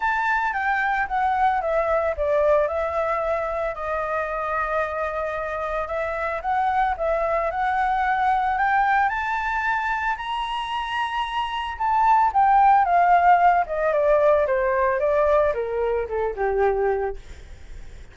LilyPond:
\new Staff \with { instrumentName = "flute" } { \time 4/4 \tempo 4 = 112 a''4 g''4 fis''4 e''4 | d''4 e''2 dis''4~ | dis''2. e''4 | fis''4 e''4 fis''2 |
g''4 a''2 ais''4~ | ais''2 a''4 g''4 | f''4. dis''8 d''4 c''4 | d''4 ais'4 a'8 g'4. | }